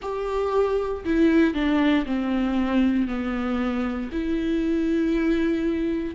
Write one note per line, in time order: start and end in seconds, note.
0.01 1.04 G4
1.04 1.54 E4
1.54 2.05 D4
2.05 3.07 C4
3.07 4.10 B3
4.12 6.15 E4